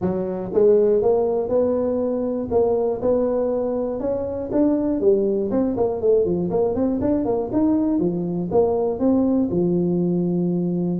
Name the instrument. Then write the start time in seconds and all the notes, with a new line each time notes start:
tuba
0.01 F#3
0.53 G#3
1.01 A#3
1.49 B3
2.50 A#3
3.01 B3
4.00 C#4
4.52 D4
5.00 G3
5.50 C4
5.76 A#3
6.01 A3
6.25 F3
6.50 A#3
6.75 C4
7.01 D4
7.25 A#3
7.52 D#4
7.99 F3
8.51 A#3
8.99 C4
9.50 F3